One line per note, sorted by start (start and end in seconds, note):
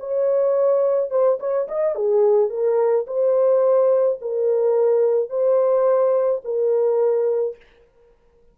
0.00 1.11 C#5
1.11 1.39 C5
1.40 1.68 C#5
1.68 1.95 D#5
1.95 2.50 G#4
2.50 3.06 A#4
3.07 4.19 C5
4.21 5.30 A#4
5.30 6.42 C5
6.44 7.56 A#4